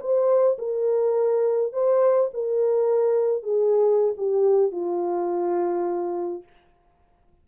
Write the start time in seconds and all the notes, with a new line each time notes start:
0.00 C5
0.58 A#4
1.72 C5
2.33 A#4
3.43 G#4
4.17 G4
4.71 F4